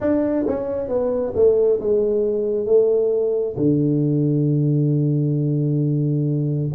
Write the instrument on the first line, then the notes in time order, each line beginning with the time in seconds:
tuba
0.00 D4
0.47 C#4
0.88 B3
1.35 A3
1.80 G#3
2.66 A3
3.56 D3